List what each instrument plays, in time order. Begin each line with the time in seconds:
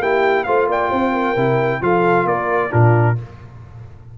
0.00 tuba A#3, trombone E4, horn G4, trumpet G5
0.44 tuba A3, trombone F4, horn C5, trumpet F5
0.68 tuba A#3, horn D5, trumpet G5
0.90 tuba C4, horn C5
1.12 horn A#4
1.36 tuba C3, trombone E4
1.81 tuba F3, trombone F4, horn A4, trumpet F5
2.25 tuba A#3, horn A#4, trumpet D5
2.70 tuba A#2, trombone D4, horn F4, trumpet A#4